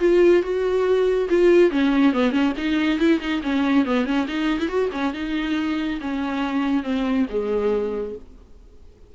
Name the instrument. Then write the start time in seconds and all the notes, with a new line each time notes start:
viola
0.00 F4
0.43 F#4
1.30 F4
1.71 C#4
2.13 B3
2.32 C#4
2.58 D#4
3.00 E4
3.21 D#4
3.43 C#4
3.86 B3
4.06 C#4
4.28 D#4
4.61 E4
4.69 F#4
4.93 C#4
5.14 D#4
6.01 C#4
6.84 C4
7.30 G#3